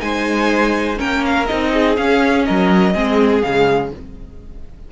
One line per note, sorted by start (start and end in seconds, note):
0.00 0.99 G#3
0.00 0.98 D#4
0.00 0.99 C5
0.00 0.98 G#5
0.98 1.50 A#3
0.98 1.46 C#4
0.98 1.72 A#4
0.98 1.25 G5
1.26 1.47 F5
1.47 1.98 C4
1.47 1.97 D#4
1.47 1.96 D#5
1.74 2.47 G#4
1.97 2.95 C#4
1.97 2.47 C#4
1.97 2.45 F5
2.45 2.95 F#3
2.45 2.94 A#4
2.45 3.42 D#5
2.94 3.44 G#3
2.94 3.43 C4
2.94 3.92 G#4
3.42 3.92 C#3
3.42 3.92 G#3
3.42 3.91 F5